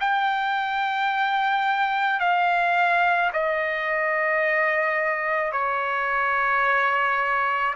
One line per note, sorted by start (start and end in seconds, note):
0.00 2.20 G5
2.20 3.31 F5
3.33 5.52 D#5
5.52 7.74 C#5